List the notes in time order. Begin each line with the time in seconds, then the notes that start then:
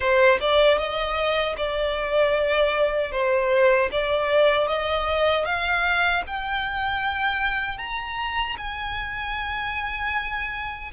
0.00 C5
0.40 D5
0.78 D#5
1.57 D5
3.11 C5
3.91 D5
4.68 D#5
5.45 F5
6.27 G5
7.77 A#5
8.57 G#5